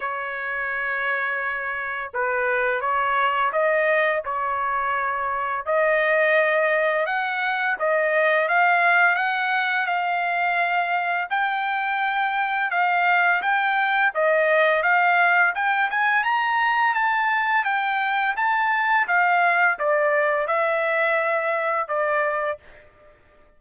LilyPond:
\new Staff \with { instrumentName = "trumpet" } { \time 4/4 \tempo 4 = 85 cis''2. b'4 | cis''4 dis''4 cis''2 | dis''2 fis''4 dis''4 | f''4 fis''4 f''2 |
g''2 f''4 g''4 | dis''4 f''4 g''8 gis''8 ais''4 | a''4 g''4 a''4 f''4 | d''4 e''2 d''4 | }